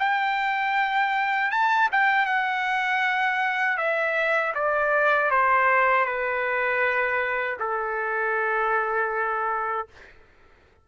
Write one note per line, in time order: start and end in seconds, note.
0.00 1.52 G5
1.52 1.90 A5
1.92 2.26 G5
2.26 3.78 F#5
3.78 4.54 E5
4.55 5.31 D5
5.31 6.06 C5
6.06 7.58 B4
7.60 9.88 A4